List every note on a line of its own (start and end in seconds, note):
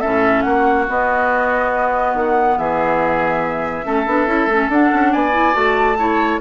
0.00 0.45 A2
0.00 0.87 C#4
0.00 0.43 A4
0.00 0.41 E5
0.41 0.88 A#3
0.41 2.58 F#4
0.41 0.84 F#5
0.88 3.84 B3
0.88 2.14 B3
0.88 2.17 D#5
2.14 2.56 D#3
2.14 2.58 F#5
2.58 3.85 E3
2.58 3.85 G#4
2.58 4.70 E5
3.84 4.06 A3
3.84 4.06 C#4
3.84 5.12 A4
4.06 4.26 B3
4.06 4.27 D4
4.26 4.46 C#4
4.26 4.48 E4
4.46 4.68 A3
4.46 4.71 C#4
4.68 4.90 D4
4.68 5.31 D4
4.68 5.13 F#5
4.92 5.14 C#4
5.12 5.55 B3
5.12 5.97 D5
5.12 5.54 G#5
5.31 5.52 E4
5.52 6.40 A3
5.52 5.95 F#4
5.52 6.39 A5
5.98 6.40 E4
5.98 6.40 C#5